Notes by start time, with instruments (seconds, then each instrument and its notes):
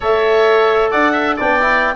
0.00 tuba A3, trombone A4, oboe C#5, clarinet E5
0.90 tuba D4, oboe D5, clarinet F#5
1.12 oboe E5
1.36 tuba B3, trombone D4, oboe D5, clarinet G5
1.61 trombone E4